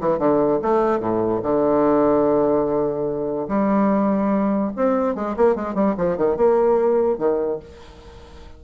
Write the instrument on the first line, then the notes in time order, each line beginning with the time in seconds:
bassoon
0.00 E3
0.18 D3
0.62 A3
1.00 A2
1.42 D3
3.48 G3
4.76 C4
5.15 G#3
5.36 A#3
5.55 G#3
5.74 G3
5.97 F3
6.17 D#3
6.37 A#3
7.18 D#3